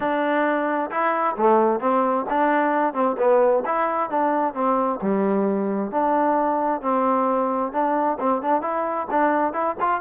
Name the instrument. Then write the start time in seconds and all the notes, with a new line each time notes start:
trombone
0.00 D4
0.90 E4
1.37 A3
1.80 C4
2.29 D4
2.93 C4
3.18 B3
3.65 E4
4.10 D4
4.54 C4
5.01 G3
5.91 D4
6.81 C4
7.72 D4
8.19 C4
8.42 D4
8.61 E4
9.10 D4
9.53 E4
9.80 F4